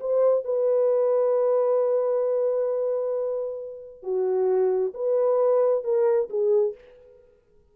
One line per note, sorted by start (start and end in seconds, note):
0.00 0.44 C5
0.44 4.03 B4
4.03 4.93 F#4
4.94 5.84 B4
5.84 6.29 A#4
6.30 6.75 G#4